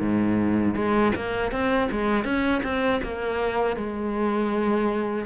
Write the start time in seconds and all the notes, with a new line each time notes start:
0.00 G#2
0.75 G#3
1.16 A#3
1.52 C4
1.91 G#3
2.25 C#4
2.64 C4
3.03 A#3
3.77 G#3